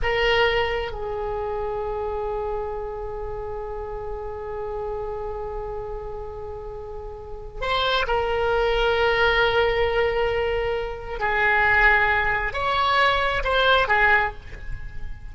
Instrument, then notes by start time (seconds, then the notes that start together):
oboe
0.02 A#4
0.91 G#4
7.61 C5
8.07 A#4
11.19 G#4
12.53 C#5
13.44 C5
13.88 G#4